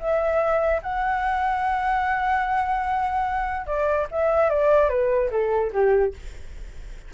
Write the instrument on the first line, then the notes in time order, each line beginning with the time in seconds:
flute
0.00 E5
0.83 F#5
3.67 D5
4.11 E5
4.50 D5
4.89 B4
5.31 A4
5.73 G4